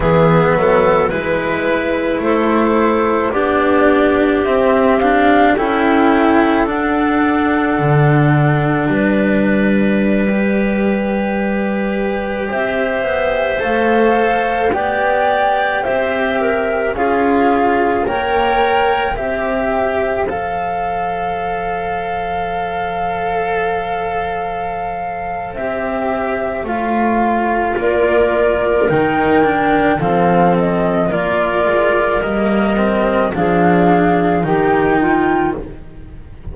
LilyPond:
<<
  \new Staff \with { instrumentName = "flute" } { \time 4/4 \tempo 4 = 54 e''4 b'4 c''4 d''4 | e''8 f''8 g''4 fis''2 | d''2.~ d''16 e''8.~ | e''16 f''4 g''4 e''4 f''8.~ |
f''16 g''4 e''4 f''4.~ f''16~ | f''2. e''4 | f''4 d''4 g''4 f''8 dis''8 | d''4 dis''4 f''4 g''4 | }
  \new Staff \with { instrumentName = "clarinet" } { \time 4/4 gis'8 a'8 b'4 a'4 g'4~ | g'4 a'2. | b'2.~ b'16 c''8.~ | c''4~ c''16 d''4 c''8 ais'8 gis'8.~ |
gis'16 cis''4 c''2~ c''8.~ | c''1~ | c''4 ais'2 a'4 | ais'2 gis'4 g'8 f'8 | }
  \new Staff \with { instrumentName = "cello" } { \time 4/4 b4 e'2 d'4 | c'8 d'8 e'4 d'2~ | d'4~ d'16 g'2~ g'8.~ | g'16 a'4 g'2 f'8.~ |
f'16 ais'4 g'4 a'4.~ a'16~ | a'2. g'4 | f'2 dis'8 d'8 c'4 | f'4 ais8 c'8 d'4 dis'4 | }
  \new Staff \with { instrumentName = "double bass" } { \time 4/4 e8 fis8 gis4 a4 b4 | c'4 cis'4 d'4 d4 | g2.~ g16 c'8 b16~ | b16 a4 b4 c'4 cis'8.~ |
cis'16 ais4 c'4 f4.~ f16~ | f2. c'4 | a4 ais4 dis4 f4 | ais8 gis8 g4 f4 dis4 | }
>>